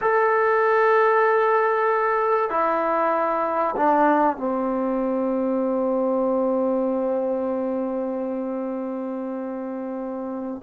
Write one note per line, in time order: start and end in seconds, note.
0.01 2.50 A4
2.50 3.75 E4
3.76 4.36 D4
4.36 10.61 C4